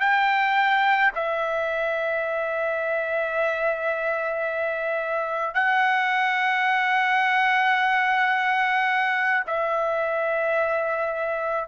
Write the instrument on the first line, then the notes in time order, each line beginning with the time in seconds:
trumpet
0.00 G5
1.15 E5
5.55 F#5
9.47 E5